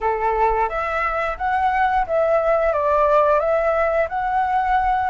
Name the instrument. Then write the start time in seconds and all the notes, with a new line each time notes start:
flute
0.01 A4
0.69 E5
1.37 F#5
2.06 E5
2.73 D5
3.39 E5
4.08 F#5